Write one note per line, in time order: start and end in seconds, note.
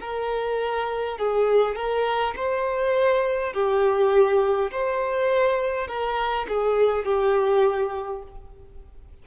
0.00 1.18 A#4
1.18 1.75 G#4
1.75 2.34 A#4
2.36 3.53 C5
3.53 4.71 G4
4.71 5.88 C5
5.88 6.47 A#4
6.49 7.05 G#4
7.05 8.22 G4